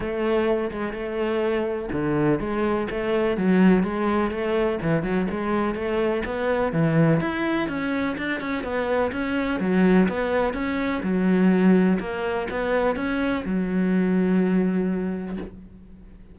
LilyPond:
\new Staff \with { instrumentName = "cello" } { \time 4/4 \tempo 4 = 125 a4. gis8 a2 | d4 gis4 a4 fis4 | gis4 a4 e8 fis8 gis4 | a4 b4 e4 e'4 |
cis'4 d'8 cis'8 b4 cis'4 | fis4 b4 cis'4 fis4~ | fis4 ais4 b4 cis'4 | fis1 | }